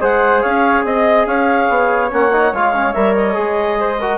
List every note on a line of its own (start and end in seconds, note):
0.00 0.44 G#3
0.00 2.10 G#4
0.00 0.42 C5
0.00 0.42 F#5
0.42 0.84 C#4
0.42 0.84 C#5
0.42 0.84 F5
0.84 1.26 C4
0.84 1.26 D#5
1.26 1.68 C#4
1.26 3.79 C#5
1.26 2.10 F5
1.69 2.11 B3
2.11 2.52 A#3
2.11 2.32 C#4
2.11 2.54 F#5
2.33 2.54 D#4
2.52 2.94 G#3
2.52 2.74 F4
2.52 2.93 F5
2.74 2.94 C#4
2.93 3.37 G3
2.93 3.34 A#4
2.93 3.14 E5
3.15 4.18 D#5
3.34 4.18 G#3
3.34 3.97 G#4
3.79 3.99 C5
3.99 4.18 F#4
3.99 4.18 A#4